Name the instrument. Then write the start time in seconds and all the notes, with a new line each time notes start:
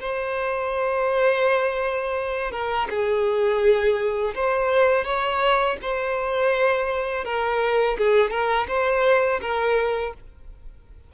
violin
0.00 C5
2.51 A#4
2.89 G#4
4.35 C5
5.04 C#5
5.81 C5
7.25 A#4
7.97 G#4
8.30 A#4
8.67 C5
9.41 A#4